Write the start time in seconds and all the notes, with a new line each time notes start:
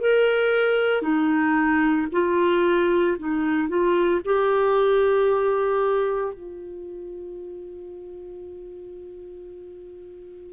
0.00 A#4
1.01 D#4
2.11 F4
3.18 D#4
3.68 F4
4.24 G4
6.33 F4